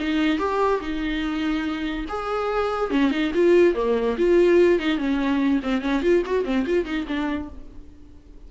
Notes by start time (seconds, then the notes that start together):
0.00 D#4
0.39 G4
0.81 D#4
2.09 G#4
2.91 C#4
3.11 D#4
3.34 F4
3.75 A#3
4.18 F4
4.79 D#4
4.98 C#4
5.63 C4
5.82 C#4
6.02 F4
6.26 F#4
6.45 C4
6.66 F4
6.85 D#4
7.07 D4